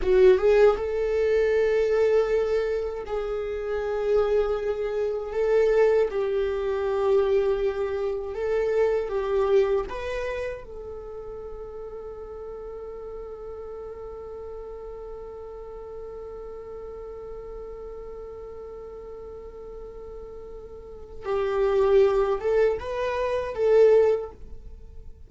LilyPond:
\new Staff \with { instrumentName = "viola" } { \time 4/4 \tempo 4 = 79 fis'8 gis'8 a'2. | gis'2. a'4 | g'2. a'4 | g'4 b'4 a'2~ |
a'1~ | a'1~ | a'1 | g'4. a'8 b'4 a'4 | }